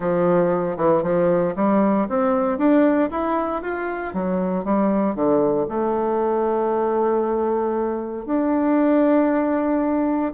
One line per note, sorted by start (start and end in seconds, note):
0.00 0.76 F3
0.76 1.02 E3
1.02 1.54 F3
1.55 2.07 G3
2.08 2.57 C4
2.57 3.09 D4
3.10 3.62 E4
3.62 4.13 F4
4.13 4.64 F#3
4.64 5.15 G3
5.15 5.67 D3
5.68 8.25 A3
8.25 10.32 D4